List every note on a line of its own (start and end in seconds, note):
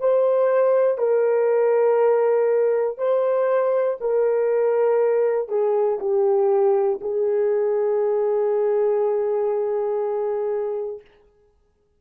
0.00 0.98 C5
0.98 2.98 A#4
2.98 3.98 C5
4.00 5.49 A#4
5.49 5.99 G#4
6.00 7.00 G4
7.01 11.01 G#4